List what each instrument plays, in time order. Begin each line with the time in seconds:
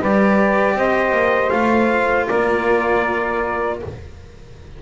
0.00 double bass G3, cello G4, saxophone B4, trumpet D5
0.75 double bass C4, saxophone C5, trumpet D#5
1.12 double bass A#3
1.50 double bass A3, cello F4, trumpet F5
2.28 double bass A#3, saxophone A#4, trumpet D5